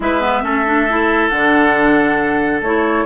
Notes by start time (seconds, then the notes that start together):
0.00 G#3 E4 B4 E5
0.21 B3
0.42 A3 C#4 A4
0.66 D4
0.88 E4
1.29 D3 D4 F#5
2.61 A3 E4 C#5